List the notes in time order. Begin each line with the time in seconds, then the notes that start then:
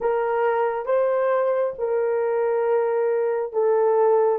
0.00 A#4
0.85 C5
1.78 A#4
3.52 A4